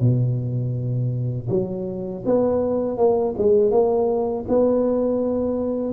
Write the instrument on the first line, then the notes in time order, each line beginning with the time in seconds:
tuba
0.00 B2
1.49 F#3
2.25 B3
2.98 A#3
3.38 G#3
3.71 A#3
4.48 B3